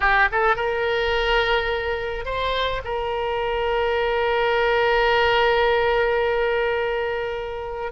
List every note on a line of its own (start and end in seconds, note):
0.00 0.28 G4
0.31 0.56 A4
0.56 2.25 A#4
2.25 2.81 C5
2.84 7.91 A#4